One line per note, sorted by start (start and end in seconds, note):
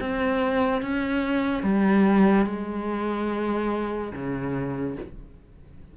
0.00 0.81 C4
0.81 1.62 C#4
1.62 2.46 G3
2.46 4.12 G#3
4.13 4.96 C#3